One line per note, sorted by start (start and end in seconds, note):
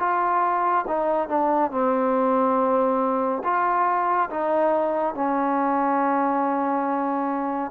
0.00 0.86 F4
0.88 1.29 D#4
1.29 1.71 D4
1.71 3.43 C4
3.44 4.30 F4
4.31 5.15 D#4
5.15 7.72 C#4